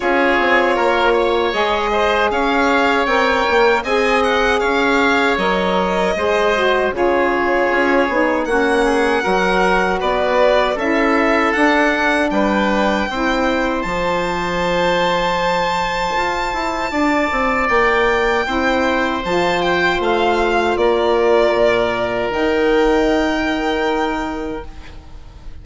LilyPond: <<
  \new Staff \with { instrumentName = "violin" } { \time 4/4 \tempo 4 = 78 cis''2 dis''4 f''4 | g''4 gis''8 fis''8 f''4 dis''4~ | dis''4 cis''2 fis''4~ | fis''4 d''4 e''4 fis''4 |
g''2 a''2~ | a''2. g''4~ | g''4 a''8 g''8 f''4 d''4~ | d''4 g''2. | }
  \new Staff \with { instrumentName = "oboe" } { \time 4/4 gis'4 ais'8 cis''4 c''8 cis''4~ | cis''4 dis''4 cis''2 | c''4 gis'2 fis'8 gis'8 | ais'4 b'4 a'2 |
b'4 c''2.~ | c''2 d''2 | c''2. ais'4~ | ais'1 | }
  \new Staff \with { instrumentName = "saxophone" } { \time 4/4 f'2 gis'2 | ais'4 gis'2 ais'4 | gis'8 fis'8 f'4. dis'8 cis'4 | fis'2 e'4 d'4~ |
d'4 e'4 f'2~ | f'1 | e'4 f'2.~ | f'4 dis'2. | }
  \new Staff \with { instrumentName = "bassoon" } { \time 4/4 cis'8 c'8 ais4 gis4 cis'4 | c'8 ais8 c'4 cis'4 fis4 | gis4 cis4 cis'8 b8 ais4 | fis4 b4 cis'4 d'4 |
g4 c'4 f2~ | f4 f'8 e'8 d'8 c'8 ais4 | c'4 f4 a4 ais4 | ais,4 dis2. | }
>>